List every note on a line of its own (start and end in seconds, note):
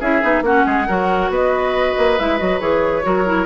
0.00 0.23 C#4
0.00 0.22 E4
0.00 0.43 G#4
0.00 0.44 E5
0.22 0.42 B3
0.22 0.44 D#4
0.42 0.63 A#3
0.42 0.88 C#4
0.42 0.66 F#4
0.42 1.32 F#5
0.66 0.88 G#3
0.66 0.87 G#4
0.87 1.30 F#3
0.87 2.19 F#4
0.87 1.31 A#4
1.30 1.95 B3
1.30 3.05 B4
1.30 2.19 D#5
1.98 2.20 A#3
2.19 2.41 G#3
2.19 2.39 E4
2.19 2.38 E5
2.38 2.60 F#3
2.38 2.60 F#4
2.38 2.59 D#5
2.60 3.04 E3
2.60 3.03 G#4
2.60 3.46 C#5
3.03 3.46 F#3
3.03 3.24 F#4
3.03 3.46 A#4
3.26 3.46 E4